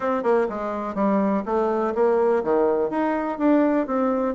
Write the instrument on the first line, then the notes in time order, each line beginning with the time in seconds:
bassoon
0.00 C4
0.23 A#3
0.49 G#3
0.94 G3
1.45 A3
1.94 A#3
2.43 D#3
2.89 D#4
3.38 D4
3.86 C4